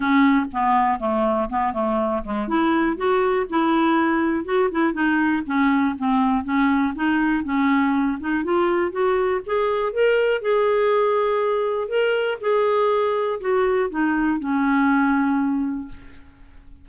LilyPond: \new Staff \with { instrumentName = "clarinet" } { \time 4/4 \tempo 4 = 121 cis'4 b4 a4 b8 a8~ | a8 gis8 e'4 fis'4 e'4~ | e'4 fis'8 e'8 dis'4 cis'4 | c'4 cis'4 dis'4 cis'4~ |
cis'8 dis'8 f'4 fis'4 gis'4 | ais'4 gis'2. | ais'4 gis'2 fis'4 | dis'4 cis'2. | }